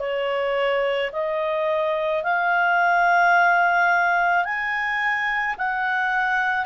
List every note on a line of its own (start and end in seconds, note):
0.00 1.11 C#5
1.13 2.24 D#5
2.24 4.45 F5
4.45 5.56 G#5
5.58 6.66 F#5